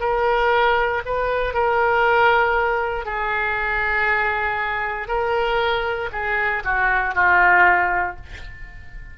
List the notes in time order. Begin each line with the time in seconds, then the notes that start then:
0.00 A#4
1.05 B4
1.54 A#4
3.05 G#4
5.08 A#4
6.12 G#4
6.64 F#4
7.14 F4